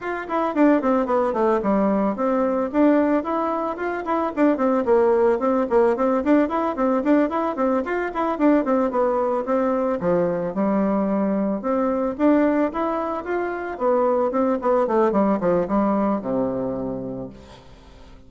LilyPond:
\new Staff \with { instrumentName = "bassoon" } { \time 4/4 \tempo 4 = 111 f'8 e'8 d'8 c'8 b8 a8 g4 | c'4 d'4 e'4 f'8 e'8 | d'8 c'8 ais4 c'8 ais8 c'8 d'8 | e'8 c'8 d'8 e'8 c'8 f'8 e'8 d'8 |
c'8 b4 c'4 f4 g8~ | g4. c'4 d'4 e'8~ | e'8 f'4 b4 c'8 b8 a8 | g8 f8 g4 c2 | }